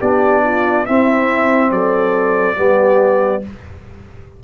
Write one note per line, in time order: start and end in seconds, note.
0.00 0.87 B3
0.00 0.86 D4
0.00 0.43 G4
0.00 0.86 D5
0.44 0.85 F4
0.85 2.56 C4
0.85 1.71 C4
0.85 1.71 E4
0.85 1.71 E5
1.71 2.56 F#3
1.71 2.56 A4
1.71 3.43 D5
2.56 3.43 G3
2.56 3.42 B3
2.56 3.42 G4